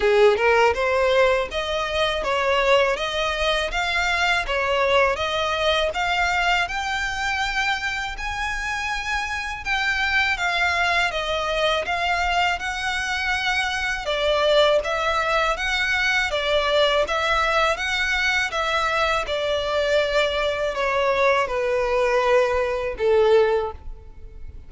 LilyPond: \new Staff \with { instrumentName = "violin" } { \time 4/4 \tempo 4 = 81 gis'8 ais'8 c''4 dis''4 cis''4 | dis''4 f''4 cis''4 dis''4 | f''4 g''2 gis''4~ | gis''4 g''4 f''4 dis''4 |
f''4 fis''2 d''4 | e''4 fis''4 d''4 e''4 | fis''4 e''4 d''2 | cis''4 b'2 a'4 | }